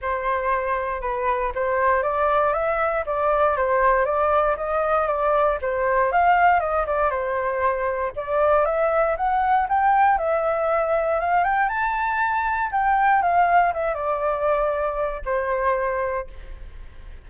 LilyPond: \new Staff \with { instrumentName = "flute" } { \time 4/4 \tempo 4 = 118 c''2 b'4 c''4 | d''4 e''4 d''4 c''4 | d''4 dis''4 d''4 c''4 | f''4 dis''8 d''8 c''2 |
d''4 e''4 fis''4 g''4 | e''2 f''8 g''8 a''4~ | a''4 g''4 f''4 e''8 d''8~ | d''2 c''2 | }